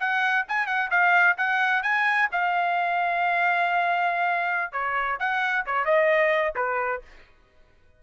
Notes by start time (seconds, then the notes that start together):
0.00 F#5
0.49 G#5
0.67 F#5
0.91 F5
1.38 F#5
1.83 G#5
2.32 F5
4.73 C#5
5.20 F#5
5.66 C#5
5.85 D#5
6.56 B4